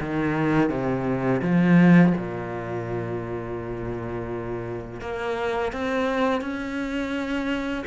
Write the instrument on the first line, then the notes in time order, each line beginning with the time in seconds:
cello
0.00 D#3
0.69 C3
1.42 F3
2.17 A#2
5.01 A#3
5.72 C4
6.41 C#4